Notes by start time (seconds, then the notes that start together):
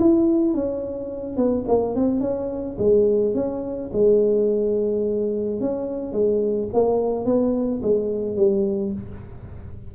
0.00 E4
0.55 C#4
1.37 B3
1.68 A#3
1.95 C4
2.21 C#4
2.79 G#3
3.35 C#4
3.93 G#3
5.61 C#4
6.13 G#3
6.73 A#3
7.26 B3
7.83 G#3
8.37 G3